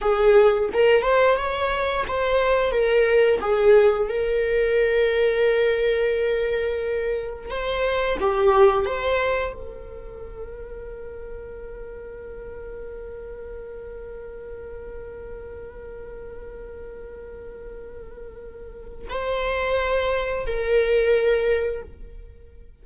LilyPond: \new Staff \with { instrumentName = "viola" } { \time 4/4 \tempo 4 = 88 gis'4 ais'8 c''8 cis''4 c''4 | ais'4 gis'4 ais'2~ | ais'2. c''4 | g'4 c''4 ais'2~ |
ais'1~ | ais'1~ | ais'1 | c''2 ais'2 | }